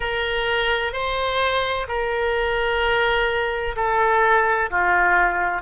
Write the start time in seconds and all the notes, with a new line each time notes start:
0.00 A#4
0.92 C5
1.87 A#4
3.76 A4
4.70 F4